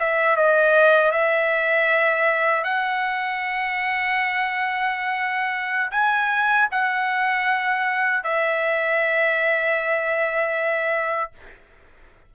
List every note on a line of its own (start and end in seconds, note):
0.00 0.37 E5
0.37 1.12 D#5
1.12 2.64 E5
2.64 5.91 F#5
5.92 6.69 G#5
6.71 8.24 F#5
8.24 11.31 E5